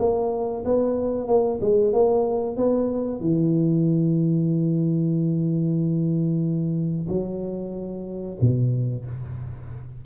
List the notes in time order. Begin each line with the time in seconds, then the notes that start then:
0.00 A#3
0.65 B3
1.28 A#3
1.61 G#3
1.94 A#3
2.57 B3
3.21 E3
7.09 F#3
8.41 B2